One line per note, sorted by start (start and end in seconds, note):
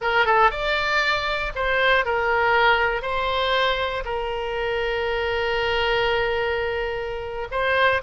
0.01 0.25 A#4
0.25 0.50 A4
0.50 1.52 D5
1.55 2.05 C5
2.05 3.01 A#4
3.01 4.03 C5
4.04 7.48 A#4
7.51 8.02 C5